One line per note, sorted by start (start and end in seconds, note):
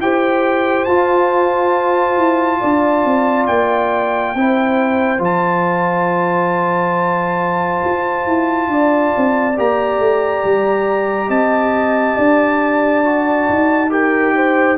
0.00 0.87 E4
0.00 0.88 G4
0.00 2.60 C5
0.00 0.85 G5
0.85 2.18 F4
0.85 4.36 F4
0.85 3.46 A5
2.18 2.61 E4
2.60 3.05 D4
2.60 4.34 D5
3.05 3.49 C4
3.47 4.35 A#3
3.47 5.21 G5
4.35 5.19 C4
4.35 5.19 E4
4.35 8.71 C5
5.19 7.80 F3
5.19 9.53 F4
5.19 9.59 A5
7.85 8.26 F4
8.26 8.68 E4
8.68 9.12 D4
8.68 11.28 D5
9.17 9.59 C4
9.57 9.99 A#3
9.57 13.05 G4
9.57 11.31 A#5
9.99 10.43 A3
10.44 11.29 G3
11.28 12.16 C4
11.28 12.15 D#5
11.28 13.91 A5
12.15 13.49 D4
12.15 13.89 D5
13.05 13.90 F#4
13.49 14.78 D#4
13.90 14.77 G4
13.90 14.35 A#4
13.90 14.78 G5
14.36 14.78 C5